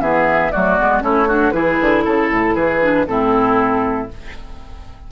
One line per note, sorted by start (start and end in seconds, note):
0.00 0.51 E3
0.00 0.52 B3
0.00 0.52 G#4
0.00 0.51 E5
0.51 0.78 F#3
0.51 0.78 A3
0.51 1.03 F#4
0.51 1.02 D5
0.78 1.02 G#3
0.78 1.01 B3
1.01 1.52 A3
1.01 1.26 C#4
1.01 1.27 E4
1.01 1.51 C#5
1.27 1.52 D4
1.27 1.53 F#4
1.51 1.78 E3
1.51 2.79 E4
1.51 2.04 G#4
1.51 2.02 B4
1.81 2.05 D3
2.04 2.30 C#3
2.04 2.54 A4
2.04 2.55 A4
2.30 2.55 A2
2.54 3.06 E3
2.54 3.05 G#4
2.54 3.06 B4
2.81 3.06 D4
3.06 4.09 A2
3.06 4.08 C4
3.06 4.11 E4
3.06 4.08 A4